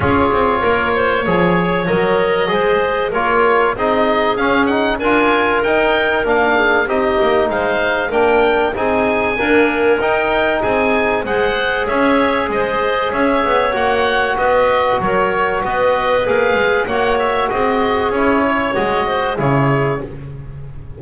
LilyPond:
<<
  \new Staff \with { instrumentName = "oboe" } { \time 4/4 \tempo 4 = 96 cis''2. dis''4~ | dis''4 cis''4 dis''4 f''8 fis''8 | gis''4 g''4 f''4 dis''4 | f''4 g''4 gis''2 |
g''4 gis''4 fis''4 e''4 | dis''4 e''4 fis''4 dis''4 | cis''4 dis''4 f''4 fis''8 e''8 | dis''4 cis''4 dis''4 cis''4 | }
  \new Staff \with { instrumentName = "clarinet" } { \time 4/4 gis'4 ais'8 c''8 cis''2 | c''4 ais'4 gis'2 | ais'2~ ais'8 gis'8 g'4 | c''4 ais'4 gis'4 ais'4~ |
ais'4 gis'4 c''4 cis''4 | c''4 cis''2 b'4 | ais'4 b'2 cis''4 | gis'4. cis''4 c''8 gis'4 | }
  \new Staff \with { instrumentName = "trombone" } { \time 4/4 f'2 gis'4 ais'4 | gis'4 f'4 dis'4 cis'8 dis'8 | f'4 dis'4 d'4 dis'4~ | dis'4 d'4 dis'4 ais4 |
dis'2 gis'2~ | gis'2 fis'2~ | fis'2 gis'4 fis'4~ | fis'4 e'4 fis'4 e'4 | }
  \new Staff \with { instrumentName = "double bass" } { \time 4/4 cis'8 c'8 ais4 f4 fis4 | gis4 ais4 c'4 cis'4 | d'4 dis'4 ais4 c'8 ais8 | gis4 ais4 c'4 d'4 |
dis'4 c'4 gis4 cis'4 | gis4 cis'8 b8 ais4 b4 | fis4 b4 ais8 gis8 ais4 | c'4 cis'4 gis4 cis4 | }
>>